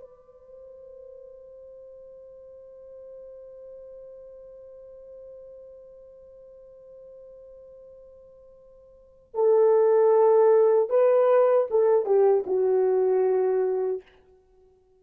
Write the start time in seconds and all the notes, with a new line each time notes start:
0.00 C5
9.35 A4
10.90 B4
11.71 A4
12.06 G4
12.46 F#4